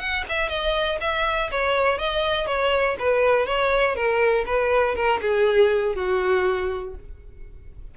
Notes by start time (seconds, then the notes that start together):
0.00 F#5
0.29 E5
0.50 D#5
1.01 E5
1.52 C#5
1.99 D#5
2.47 C#5
2.99 B4
3.47 C#5
3.96 A#4
4.46 B4
4.96 A#4
5.22 G#4
5.96 F#4